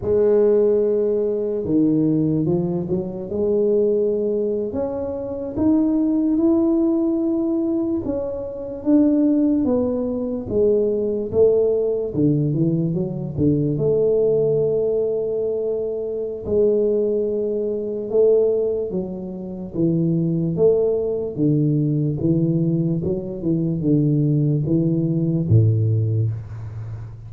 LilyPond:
\new Staff \with { instrumentName = "tuba" } { \time 4/4 \tempo 4 = 73 gis2 dis4 f8 fis8 | gis4.~ gis16 cis'4 dis'4 e'16~ | e'4.~ e'16 cis'4 d'4 b16~ | b8. gis4 a4 d8 e8 fis16~ |
fis16 d8 a2.~ a16 | gis2 a4 fis4 | e4 a4 d4 e4 | fis8 e8 d4 e4 a,4 | }